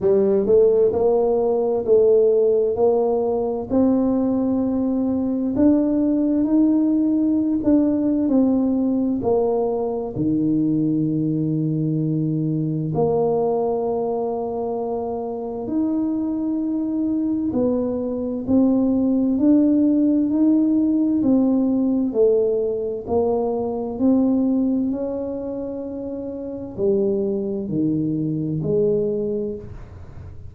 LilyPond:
\new Staff \with { instrumentName = "tuba" } { \time 4/4 \tempo 4 = 65 g8 a8 ais4 a4 ais4 | c'2 d'4 dis'4~ | dis'16 d'8. c'4 ais4 dis4~ | dis2 ais2~ |
ais4 dis'2 b4 | c'4 d'4 dis'4 c'4 | a4 ais4 c'4 cis'4~ | cis'4 g4 dis4 gis4 | }